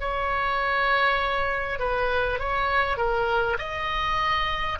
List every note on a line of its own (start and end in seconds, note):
0.00 1.79 C#5
1.79 2.39 B4
2.39 2.97 C#5
2.97 3.57 A#4
3.58 4.78 D#5